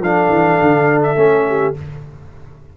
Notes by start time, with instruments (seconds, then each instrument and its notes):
0.00 tuba F3, trombone D4, horn A4, trumpet F5
0.30 tuba E3
0.62 tuba D3
1.03 trumpet E5
1.16 tuba A3, trombone C#4
1.49 horn G4